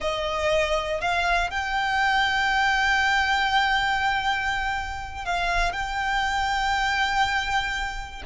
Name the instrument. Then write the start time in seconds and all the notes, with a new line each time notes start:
violin
0.00 D#5
1.00 F5
1.50 G5
5.25 F5
5.72 G5